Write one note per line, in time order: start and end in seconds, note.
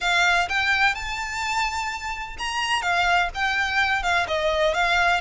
0.01 0.48 F5
0.48 0.94 G5
0.94 2.36 A5
2.38 2.82 A#5
2.82 3.29 F5
3.34 4.02 G5
4.02 4.26 F5
4.27 4.74 D#5
4.74 5.20 F5